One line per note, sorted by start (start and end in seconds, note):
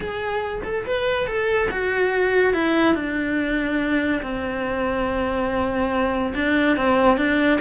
0.00 0.61 G#4
0.64 0.85 A4
0.85 1.26 B4
1.26 1.69 A4
1.70 2.53 F#4
2.53 2.94 E4
2.94 4.21 D4
4.22 6.33 C4
6.35 6.76 D4
6.76 7.17 C4
7.17 7.59 D4